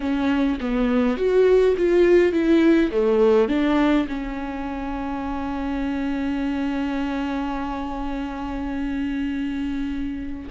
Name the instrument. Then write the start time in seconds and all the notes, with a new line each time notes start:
viola
0.00 C#4
0.60 B3
1.17 F#4
1.77 F4
2.32 E4
2.91 A3
3.48 D4
4.08 C#4